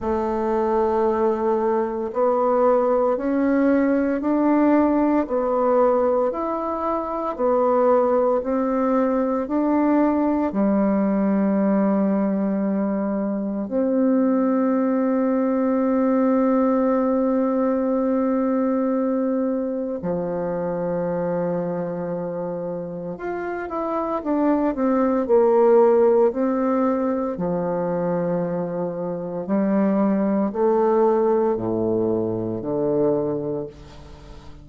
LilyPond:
\new Staff \with { instrumentName = "bassoon" } { \time 4/4 \tempo 4 = 57 a2 b4 cis'4 | d'4 b4 e'4 b4 | c'4 d'4 g2~ | g4 c'2.~ |
c'2. f4~ | f2 f'8 e'8 d'8 c'8 | ais4 c'4 f2 | g4 a4 a,4 d4 | }